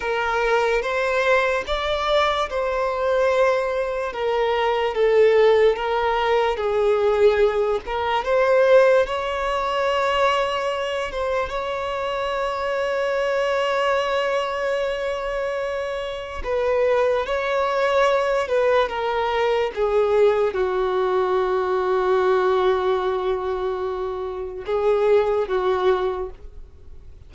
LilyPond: \new Staff \with { instrumentName = "violin" } { \time 4/4 \tempo 4 = 73 ais'4 c''4 d''4 c''4~ | c''4 ais'4 a'4 ais'4 | gis'4. ais'8 c''4 cis''4~ | cis''4. c''8 cis''2~ |
cis''1 | b'4 cis''4. b'8 ais'4 | gis'4 fis'2.~ | fis'2 gis'4 fis'4 | }